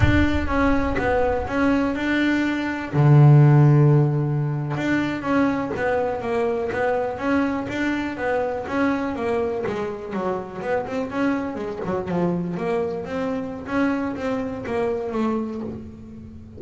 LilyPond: \new Staff \with { instrumentName = "double bass" } { \time 4/4 \tempo 4 = 123 d'4 cis'4 b4 cis'4 | d'2 d2~ | d4.~ d16 d'4 cis'4 b16~ | b8. ais4 b4 cis'4 d'16~ |
d'8. b4 cis'4 ais4 gis16~ | gis8. fis4 b8 c'8 cis'4 gis16~ | gis16 fis8 f4 ais4 c'4~ c'16 | cis'4 c'4 ais4 a4 | }